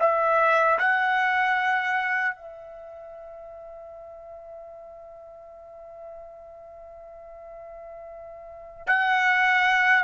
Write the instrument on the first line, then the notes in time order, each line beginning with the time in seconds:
trumpet
0.00 E5
0.79 F#5
2.36 E5
8.87 F#5